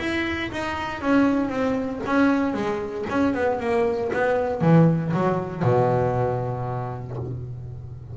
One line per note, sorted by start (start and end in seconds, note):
0.00 0.51 E4
0.52 1.02 D#4
1.02 1.50 C#4
1.50 2.01 C4
2.07 2.54 C#4
2.54 3.06 G#3
3.10 3.35 C#4
3.35 3.60 B3
3.61 4.12 A#3
4.14 4.62 B3
4.62 5.13 E3
5.14 5.63 F#3
5.63 7.17 B2